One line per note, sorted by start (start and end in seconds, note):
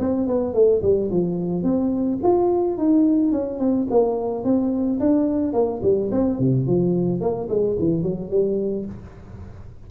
0.00 0.27 C4
0.27 0.54 B3
0.54 0.82 A3
0.83 1.11 G3
1.11 1.63 F3
1.63 2.19 C4
2.23 2.78 F4
2.78 3.32 D#4
3.32 3.60 C#4
3.60 3.87 C4
3.91 4.44 A#3
4.44 5.00 C4
5.00 5.54 D4
5.54 5.81 A#3
5.83 6.11 G3
6.12 6.40 C4
6.40 6.67 C3
6.67 7.21 F3
7.21 7.49 A#3
7.49 7.77 G#3
7.79 8.03 E3
8.03 8.31 F#3
8.31 8.86 G3